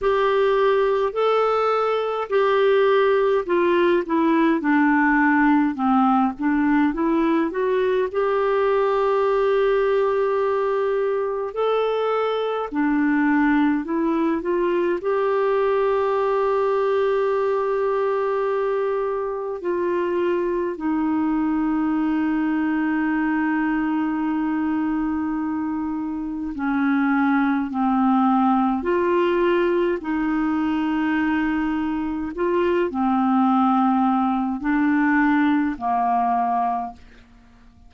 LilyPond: \new Staff \with { instrumentName = "clarinet" } { \time 4/4 \tempo 4 = 52 g'4 a'4 g'4 f'8 e'8 | d'4 c'8 d'8 e'8 fis'8 g'4~ | g'2 a'4 d'4 | e'8 f'8 g'2.~ |
g'4 f'4 dis'2~ | dis'2. cis'4 | c'4 f'4 dis'2 | f'8 c'4. d'4 ais4 | }